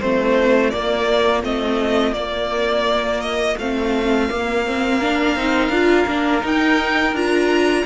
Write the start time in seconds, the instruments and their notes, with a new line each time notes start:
0.00 cello A3, viola C4, violin F4 C5
0.70 viola A#3, cello A#3, violin D5
1.43 cello A3, viola C4, violin D#5
2.12 cello A#3, viola A#3, violin D5
3.21 violin D#5
3.58 cello A3, viola C4, violin F5
4.29 viola A#3, cello A#3
4.67 viola C4
4.99 viola D4, violin A#4
5.36 cello C4, viola D#4
5.69 cello D4, viola F4
6.07 cello A#3, viola D4
6.41 viola D#4, cello D#4, violin G5
7.13 cello D4, viola F4, violin A#5